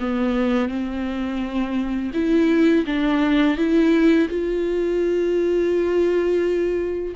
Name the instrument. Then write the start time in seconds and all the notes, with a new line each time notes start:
viola
0.00 B3
0.69 C4
2.14 E4
2.86 D4
3.57 E4
4.29 F4